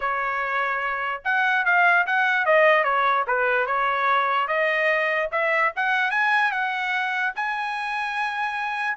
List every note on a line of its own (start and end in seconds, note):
0.00 1.21 C#5
1.24 1.65 F#5
1.65 2.06 F5
2.06 2.45 F#5
2.45 2.84 D#5
2.84 3.24 C#5
3.27 3.66 B4
3.66 4.47 C#5
4.47 5.29 D#5
5.31 5.72 E5
5.76 6.10 F#5
6.10 6.51 G#5
6.51 7.33 F#5
7.35 8.97 G#5